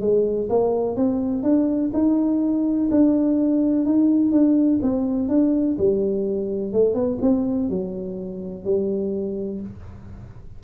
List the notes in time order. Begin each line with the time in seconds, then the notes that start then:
0.00 G#3
0.49 A#3
0.96 C4
1.43 D4
1.93 D#4
2.90 D4
3.85 D#4
4.32 D4
4.82 C4
5.28 D4
5.78 G3
6.72 A3
6.94 B3
7.21 C4
7.69 F#3
8.64 G3